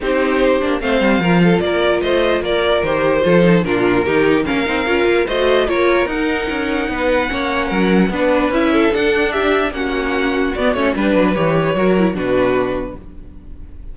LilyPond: <<
  \new Staff \with { instrumentName = "violin" } { \time 4/4 \tempo 4 = 148 c''2 f''2 | d''4 dis''4 d''4 c''4~ | c''4 ais'2 f''4~ | f''4 dis''4 cis''4 fis''4~ |
fis''1~ | fis''4 e''4 fis''4 e''4 | fis''2 d''8 cis''8 b'4 | cis''2 b'2 | }
  \new Staff \with { instrumentName = "violin" } { \time 4/4 g'2 c''4 ais'8 a'8 | ais'4 c''4 ais'2 | a'4 f'4 g'4 ais'4~ | ais'4 c''4 ais'2~ |
ais'4 b'4 cis''4 ais'4 | b'4. a'4. g'4 | fis'2. b'4~ | b'4 ais'4 fis'2 | }
  \new Staff \with { instrumentName = "viola" } { \time 4/4 dis'4. d'8 c'4 f'4~ | f'2. g'4 | f'8 dis'8 d'4 dis'4 cis'8 dis'8 | f'4 fis'4 f'4 dis'4~ |
dis'2 cis'2 | d'4 e'4 d'2 | cis'2 b8 cis'8 d'4 | g'4 fis'8 e'8 d'2 | }
  \new Staff \with { instrumentName = "cello" } { \time 4/4 c'4. ais8 a8 g8 f4 | ais4 a4 ais4 dis4 | f4 ais,4 dis4 ais8 c'8 | cis'8 ais8 a4 ais4 dis'4 |
cis'4 b4 ais4 fis4 | b4 cis'4 d'2 | ais2 b8 a8 g8 fis8 | e4 fis4 b,2 | }
>>